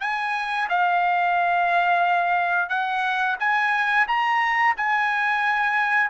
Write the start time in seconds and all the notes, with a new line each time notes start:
0.00 G#5
0.69 F5
2.69 F#5
3.39 G#5
4.07 A#5
4.77 G#5